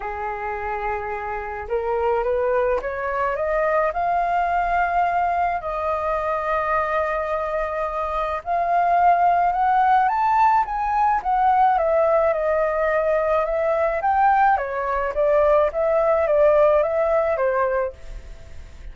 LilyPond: \new Staff \with { instrumentName = "flute" } { \time 4/4 \tempo 4 = 107 gis'2. ais'4 | b'4 cis''4 dis''4 f''4~ | f''2 dis''2~ | dis''2. f''4~ |
f''4 fis''4 a''4 gis''4 | fis''4 e''4 dis''2 | e''4 g''4 cis''4 d''4 | e''4 d''4 e''4 c''4 | }